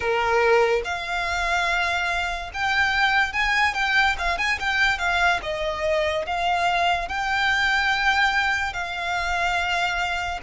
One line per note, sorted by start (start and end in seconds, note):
0.00 0.82 A#4
0.84 2.50 F5
2.53 3.33 G5
3.33 3.74 G#5
3.74 4.16 G5
4.18 4.37 F5
4.37 4.58 G#5
4.59 4.98 G5
4.98 5.40 F5
5.42 6.25 D#5
6.26 7.08 F5
7.08 8.73 G5
8.73 10.39 F5